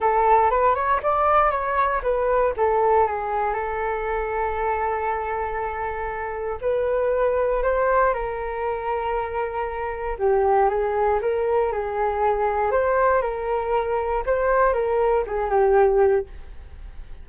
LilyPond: \new Staff \with { instrumentName = "flute" } { \time 4/4 \tempo 4 = 118 a'4 b'8 cis''8 d''4 cis''4 | b'4 a'4 gis'4 a'4~ | a'1~ | a'4 b'2 c''4 |
ais'1 | g'4 gis'4 ais'4 gis'4~ | gis'4 c''4 ais'2 | c''4 ais'4 gis'8 g'4. | }